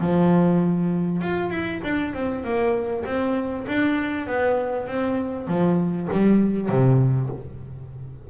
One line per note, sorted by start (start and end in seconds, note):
0.00 1.21 F3
1.21 1.50 F4
1.50 1.80 E4
1.83 2.13 D4
2.13 2.44 C4
2.44 3.04 A#3
3.05 3.66 C4
3.67 4.26 D4
4.26 4.87 B3
4.87 5.47 C4
5.47 6.08 F3
6.12 6.69 G3
6.69 7.29 C3